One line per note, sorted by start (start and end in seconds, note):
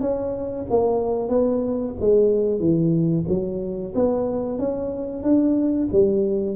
0.00 0.65 C#4
0.69 1.29 A#3
1.29 1.94 B3
2.00 2.59 G#3
2.59 3.25 E3
3.28 3.93 F#3
3.95 4.58 B3
4.58 5.23 C#4
5.23 5.88 D4
5.91 6.56 G3